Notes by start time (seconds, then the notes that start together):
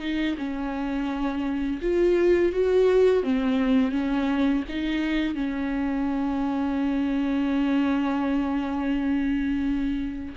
0.00 D#4
0.38 C#4
1.82 F4
2.53 F#4
3.24 C4
3.92 C#4
4.69 D#4
5.35 C#4